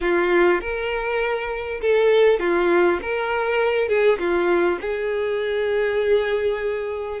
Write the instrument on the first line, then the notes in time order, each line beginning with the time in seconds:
violin
0.01 F4
0.60 A#4
1.81 A4
2.39 F4
3.02 A#4
3.88 G#4
4.18 F4
4.80 G#4